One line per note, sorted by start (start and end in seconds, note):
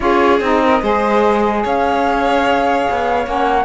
0.00 0.40 C#4
0.00 0.39 F4
0.00 0.63 G#4
0.00 0.40 C#5
0.40 0.81 C4
0.40 0.82 D#4
0.40 1.65 D#5
0.64 0.83 A#4
0.82 1.64 G#3
0.82 3.24 G#4
0.82 1.63 C5
1.63 2.87 C#4
1.63 3.65 C#5
1.63 3.28 F5
2.90 3.26 B3
3.24 3.65 A#3
3.24 3.65 C#4
3.24 3.65 F#5